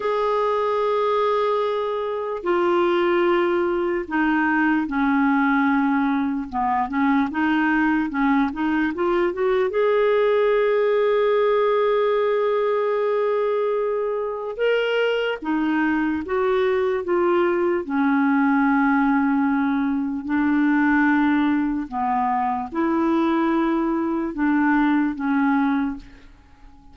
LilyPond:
\new Staff \with { instrumentName = "clarinet" } { \time 4/4 \tempo 4 = 74 gis'2. f'4~ | f'4 dis'4 cis'2 | b8 cis'8 dis'4 cis'8 dis'8 f'8 fis'8 | gis'1~ |
gis'2 ais'4 dis'4 | fis'4 f'4 cis'2~ | cis'4 d'2 b4 | e'2 d'4 cis'4 | }